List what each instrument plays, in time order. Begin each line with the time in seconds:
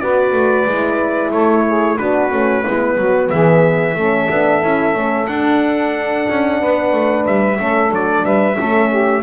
0.00 double bass B3, horn F#4, saxophone B4, trumpet D5
0.33 double bass A3
0.66 double bass G#3, horn E4
1.31 double bass A3, saxophone A4, trumpet C#5
1.68 saxophone G#4
1.98 double bass B3, horn D4, saxophone F#4, trumpet B4
2.30 double bass A3, horn C#4
2.64 double bass G#3, horn B3, saxophone E4
2.98 double bass F#3, saxophone F#4
3.30 double bass E3, saxophone G#4, trumpet E5
3.95 double bass A3, horn C#4, saxophone A4
4.30 double bass B3, horn D4
4.62 double bass C#4, horn E4
4.94 double bass A3, horn C#4
5.27 horn D4, double bass D4, trumpet F#5
6.30 double bass C#4
6.60 double bass B3, saxophone B4
6.93 double bass A3
7.27 double bass G3, trumpet E5
7.59 double bass A3, horn C#4, saxophone A4
7.89 double bass F#3, horn D4, trumpet D5
8.24 double bass G3, saxophone B4, trumpet E5
8.57 double bass A3, horn C#4, saxophone A4
8.90 saxophone G4